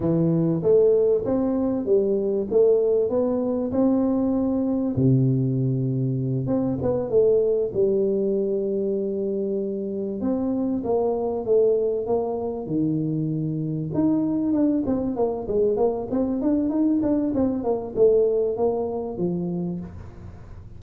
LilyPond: \new Staff \with { instrumentName = "tuba" } { \time 4/4 \tempo 4 = 97 e4 a4 c'4 g4 | a4 b4 c'2 | c2~ c8 c'8 b8 a8~ | a8 g2.~ g8~ |
g8 c'4 ais4 a4 ais8~ | ais8 dis2 dis'4 d'8 | c'8 ais8 gis8 ais8 c'8 d'8 dis'8 d'8 | c'8 ais8 a4 ais4 f4 | }